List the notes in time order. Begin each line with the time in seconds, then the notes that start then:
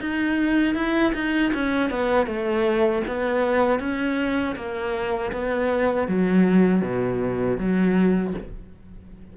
0.00 D#4
0.75 E4
1.14 D#4
1.54 C#4
1.90 B3
2.26 A3
3.07 B3
3.79 C#4
4.56 A#3
5.32 B3
6.08 F#3
6.81 B2
7.57 F#3